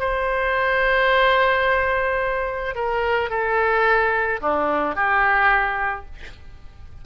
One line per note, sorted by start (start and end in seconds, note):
0.00 2.75 C5
2.75 3.30 A#4
3.30 4.40 A4
4.42 4.96 D4
4.96 6.06 G4